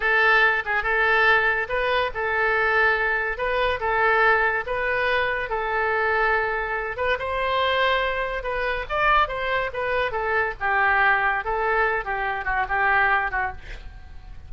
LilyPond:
\new Staff \with { instrumentName = "oboe" } { \time 4/4 \tempo 4 = 142 a'4. gis'8 a'2 | b'4 a'2. | b'4 a'2 b'4~ | b'4 a'2.~ |
a'8 b'8 c''2. | b'4 d''4 c''4 b'4 | a'4 g'2 a'4~ | a'8 g'4 fis'8 g'4. fis'8 | }